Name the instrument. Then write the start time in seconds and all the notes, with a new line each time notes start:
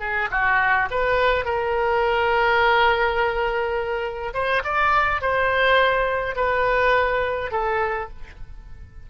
oboe
0.00 G#4
0.31 F#4
0.90 B4
1.45 A#4
4.34 C5
4.64 D5
5.21 C5
6.36 B4
7.51 A4